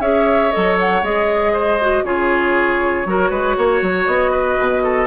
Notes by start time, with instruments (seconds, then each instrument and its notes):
0.00 bassoon C#4, clarinet G#4, oboe C#5, flute E5
0.51 bassoon F#3, clarinet A4, flute D#5
0.79 flute F#5
1.03 bassoon G#3, clarinet G#4, flute D#5
1.53 oboe C5
1.81 clarinet F#4
2.03 bassoon C#3, clarinet F4, oboe G#4, flute C#5
3.05 bassoon F#3, clarinet F#4, oboe A#4
3.30 bassoon G#3, oboe B4
3.57 bassoon A#3, oboe C#5
3.82 bassoon F#3
4.06 bassoon B3, flute D#5
4.31 oboe B4
4.59 bassoon B2
4.83 oboe A4